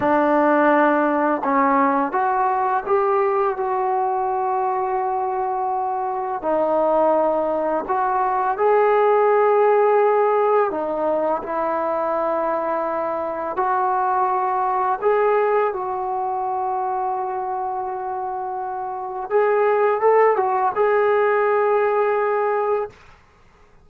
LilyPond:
\new Staff \with { instrumentName = "trombone" } { \time 4/4 \tempo 4 = 84 d'2 cis'4 fis'4 | g'4 fis'2.~ | fis'4 dis'2 fis'4 | gis'2. dis'4 |
e'2. fis'4~ | fis'4 gis'4 fis'2~ | fis'2. gis'4 | a'8 fis'8 gis'2. | }